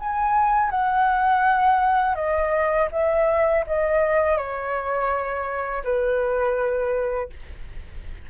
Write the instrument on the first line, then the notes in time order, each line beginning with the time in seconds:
flute
0.00 G#5
0.71 F#5
2.16 D#5
2.92 E5
3.67 D#5
4.38 C#5
5.84 B4